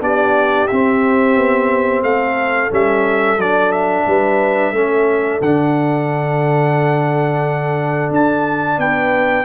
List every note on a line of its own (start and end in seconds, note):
0.00 0.68 B3
0.00 0.67 D4
0.00 2.04 G4
0.00 0.67 D5
0.67 2.70 C4
0.67 1.36 C4
0.67 2.02 E5
1.36 2.02 B3
2.02 2.69 A3
2.02 4.06 A4
2.02 2.71 F5
2.70 3.36 G3
2.70 3.37 C#4
2.70 3.40 E5
3.36 4.04 F#3
3.36 4.74 D4
3.36 3.71 D5
3.71 5.40 E5
4.06 4.71 G3
4.06 4.74 B4
4.71 5.39 A3
4.71 5.41 C#4
4.71 8.79 A4
5.41 8.10 D3
5.41 9.45 D4
5.41 8.12 F#5
8.10 8.77 D4
8.10 8.79 A5
8.77 9.45 B3
8.77 9.45 B4
8.77 9.45 G5